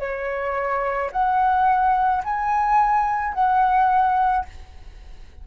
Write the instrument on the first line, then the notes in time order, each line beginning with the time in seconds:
flute
0.00 C#5
1.12 F#5
2.25 G#5
3.34 F#5